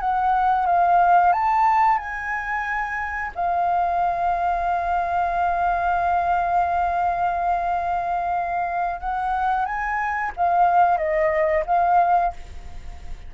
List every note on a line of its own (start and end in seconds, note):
0.00 0.66 F#5
0.66 1.32 F5
1.32 1.98 A5
1.98 3.31 G#5
3.35 9.00 F5
9.00 9.65 F#5
9.65 10.32 G#5
10.36 10.97 F5
10.97 11.64 D#5
11.66 12.32 F5